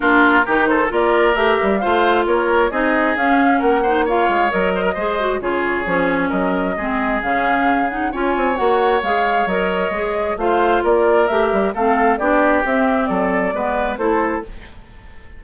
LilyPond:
<<
  \new Staff \with { instrumentName = "flute" } { \time 4/4 \tempo 4 = 133 ais'4. c''8 d''4 e''4 | f''4 cis''4 dis''4 f''4 | fis''4 f''4 dis''2 | cis''2 dis''2 |
f''4. fis''8 gis''4 fis''4 | f''4 dis''2 f''4 | d''4 e''4 f''4 d''4 | e''4 d''2 c''4 | }
  \new Staff \with { instrumentName = "oboe" } { \time 4/4 f'4 g'8 a'8 ais'2 | c''4 ais'4 gis'2 | ais'8 c''8 cis''4. c''16 ais'16 c''4 | gis'2 ais'4 gis'4~ |
gis'2 cis''2~ | cis''2. c''4 | ais'2 a'4 g'4~ | g'4 a'4 b'4 a'4 | }
  \new Staff \with { instrumentName = "clarinet" } { \time 4/4 d'4 dis'4 f'4 g'4 | f'2 dis'4 cis'4~ | cis'8 dis'8 f'4 ais'4 gis'8 fis'8 | f'4 cis'2 c'4 |
cis'4. dis'8 f'4 fis'4 | gis'4 ais'4 gis'4 f'4~ | f'4 g'4 c'4 d'4 | c'2 b4 e'4 | }
  \new Staff \with { instrumentName = "bassoon" } { \time 4/4 ais4 dis4 ais4 a8 g8 | a4 ais4 c'4 cis'4 | ais4. gis8 fis4 gis4 | cis4 f4 fis4 gis4 |
cis2 cis'8 c'8 ais4 | gis4 fis4 gis4 a4 | ais4 a8 g8 a4 b4 | c'4 fis4 gis4 a4 | }
>>